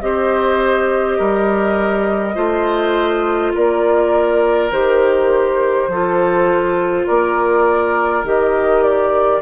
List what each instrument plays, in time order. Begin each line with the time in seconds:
0.00 bassoon C4, clarinet G4, oboe C5, flute D#5
1.18 bassoon G3, oboe A#4
2.34 bassoon A3, clarinet F4, oboe C5
3.54 bassoon A#3, oboe A#4, flute D5
4.71 bassoon D#3, clarinet G4, flute C5
5.87 bassoon F3, clarinet F4, oboe A4
7.06 bassoon A#3, oboe A#4, flute D5
8.24 bassoon D#3, clarinet G4, flute D#5
8.83 flute D5